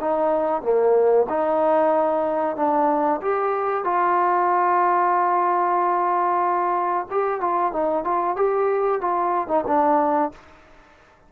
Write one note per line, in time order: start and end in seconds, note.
0.00 0.62 D#4
0.62 1.27 A#3
1.29 2.56 D#4
2.56 3.21 D4
3.21 3.84 G4
3.84 7.07 F4
7.11 7.40 G4
7.40 7.72 F4
7.72 8.04 D#4
8.04 8.36 F4
8.36 9.01 G4
9.01 9.48 F4
9.48 9.64 D#4
9.67 10.32 D4